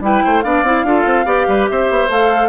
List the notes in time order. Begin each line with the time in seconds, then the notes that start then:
0.00 G3 E4 B4 G5
0.24 A3 C5
0.41 B3 D4 D5 F5
0.63 C4 E4
0.83 D4 F4 A4
1.05 C4
1.25 B3 G4 D5
1.48 G3 B4
1.68 C4 C5 E5
1.90 B3
2.09 A3 A4 F5